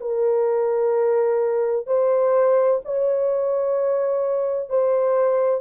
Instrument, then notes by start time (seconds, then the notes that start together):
horn
0.00 A#4
1.87 C5
2.85 C#5
4.70 C5